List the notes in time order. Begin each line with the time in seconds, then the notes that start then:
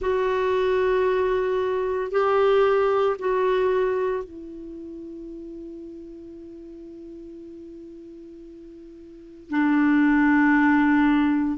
0.00 F#4
2.11 G4
3.18 F#4
4.23 E4
9.50 D4